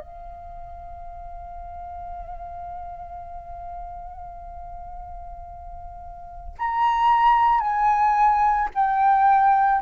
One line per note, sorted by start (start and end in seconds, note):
0.00 6.55 F5
6.59 7.60 A#5
7.60 8.69 G#5
8.75 9.82 G5